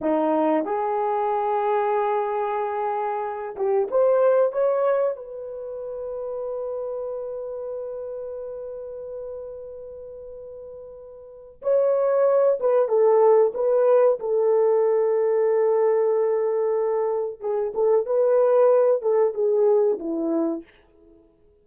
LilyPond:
\new Staff \with { instrumentName = "horn" } { \time 4/4 \tempo 4 = 93 dis'4 gis'2.~ | gis'4. g'8 c''4 cis''4 | b'1~ | b'1~ |
b'2 cis''4. b'8 | a'4 b'4 a'2~ | a'2. gis'8 a'8 | b'4. a'8 gis'4 e'4 | }